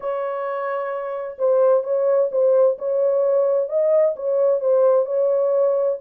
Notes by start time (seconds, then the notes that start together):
0.00 C#5
1.38 C5
1.83 C#5
2.31 C5
2.78 C#5
3.68 D#5
4.16 C#5
4.60 C5
5.05 C#5